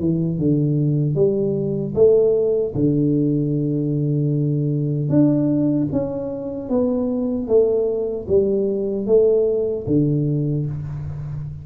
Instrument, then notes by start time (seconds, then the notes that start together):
tuba
0.00 E3
0.39 D3
1.16 G3
1.95 A3
2.75 D3
5.10 D4
5.92 C#4
6.70 B3
7.48 A3
8.28 G3
9.07 A3
9.87 D3